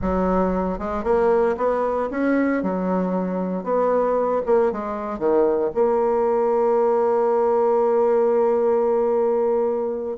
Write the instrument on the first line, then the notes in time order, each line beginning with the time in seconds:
bassoon
0.01 F#3
0.78 G#3
1.03 A#3
1.57 B3
2.10 C#4
2.62 F#3
3.63 B3
4.45 A#3
4.72 G#3
5.18 D#3
5.74 A#3